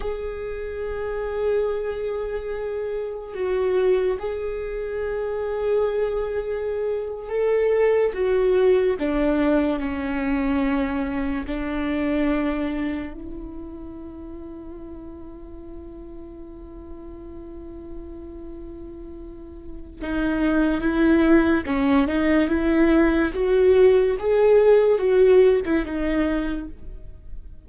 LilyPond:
\new Staff \with { instrumentName = "viola" } { \time 4/4 \tempo 4 = 72 gis'1 | fis'4 gis'2.~ | gis'8. a'4 fis'4 d'4 cis'16~ | cis'4.~ cis'16 d'2 e'16~ |
e'1~ | e'1 | dis'4 e'4 cis'8 dis'8 e'4 | fis'4 gis'4 fis'8. e'16 dis'4 | }